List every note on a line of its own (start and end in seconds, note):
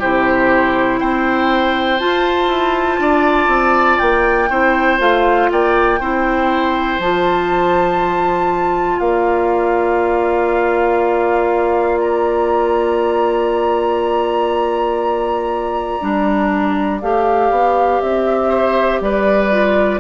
0.00 1.01 C3
0.00 1.99 E4
0.00 1.00 G4
0.00 1.00 C5
1.00 2.01 C4
1.00 3.00 C5
1.00 2.00 G5
1.99 4.49 F4
1.99 2.48 F4
1.99 3.99 A5
2.48 2.98 E4
2.99 3.48 D4
2.99 4.50 D5
3.48 3.98 C4
3.99 4.50 A#3
3.99 4.99 G5
4.50 5.00 C4
4.50 4.99 E4
4.50 5.50 C5
4.99 5.50 A3
4.99 5.99 F4
4.99 5.51 F5
5.51 6.00 A#3
5.51 6.00 D5
5.51 7.00 G5
6.00 6.99 C4
6.00 7.01 E4
6.00 9.00 C5
6.99 8.99 F3
6.99 16.01 F4
6.99 9.00 A5
9.00 16.00 A#3
9.00 18.49 D5
9.00 12.00 F5
12.00 17.00 A#5
16.01 17.02 G3
16.01 17.01 D4
17.01 17.51 A3
17.01 19.51 G4
17.01 18.01 F5
17.51 18.01 B3
18.01 19.01 C4
18.01 19.01 E5
18.49 18.99 C5
19.01 20.00 G3
19.01 20.00 B4
19.01 20.00 D5
19.51 20.00 F4